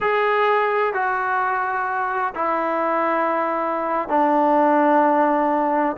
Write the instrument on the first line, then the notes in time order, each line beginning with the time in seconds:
trombone
0.00 G#4
0.93 F#4
2.34 E4
4.08 D4